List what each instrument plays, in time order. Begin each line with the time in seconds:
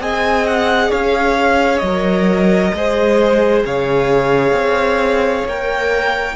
0.00 cello C4, viola G#4, violin D#5 G#5
0.47 violin F#5
0.90 cello C#4, violin C#5 F5
1.78 cello F#3, violin D#5
1.86 viola A#4
2.74 cello G#3, viola G#4, violin C5
3.66 cello C#3, violin C#5 F5
4.52 cello C4
5.45 cello A#3, viola A#4, violin G5